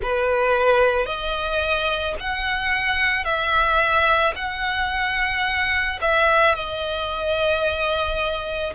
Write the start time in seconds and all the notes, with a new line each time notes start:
0.02 B4
1.06 D#5
2.20 F#5
3.24 E5
4.35 F#5
6.01 E5
6.55 D#5